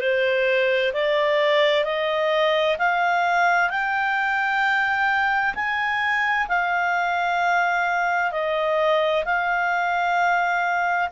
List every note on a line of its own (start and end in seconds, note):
0.00 0.92 C5
0.93 1.84 D5
1.84 2.77 D#5
2.78 3.70 F5
3.70 5.55 G5
5.55 6.47 G#5
6.48 8.32 F5
8.32 9.24 D#5
9.25 11.09 F5